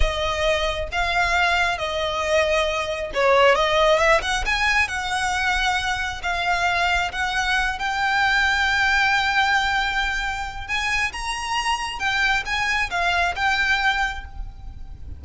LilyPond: \new Staff \with { instrumentName = "violin" } { \time 4/4 \tempo 4 = 135 dis''2 f''2 | dis''2. cis''4 | dis''4 e''8 fis''8 gis''4 fis''4~ | fis''2 f''2 |
fis''4. g''2~ g''8~ | g''1 | gis''4 ais''2 g''4 | gis''4 f''4 g''2 | }